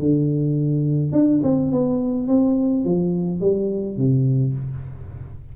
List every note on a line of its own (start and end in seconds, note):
0.00 1.13 D3
1.13 1.41 D4
1.44 1.72 C4
1.72 2.28 B3
2.28 2.85 C4
2.85 3.41 F3
3.41 3.97 G3
3.97 4.55 C3